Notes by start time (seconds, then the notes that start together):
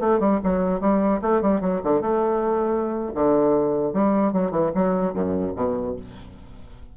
0.00 A3
0.20 G3
0.44 F#3
0.80 G3
1.22 A3
1.42 G3
1.61 F#3
1.83 D3
2.01 A3
3.14 D3
3.93 G3
4.33 F#3
4.51 E3
4.75 F#3
5.14 F#2
5.56 B2